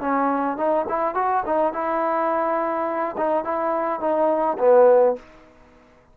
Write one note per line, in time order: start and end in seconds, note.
0.00 0.57 C#4
0.57 0.85 D#4
0.88 1.15 E4
1.15 1.43 F#4
1.46 1.73 D#4
1.73 3.16 E4
3.17 3.44 D#4
3.44 4.00 E4
4.00 4.57 D#4
4.58 5.16 B3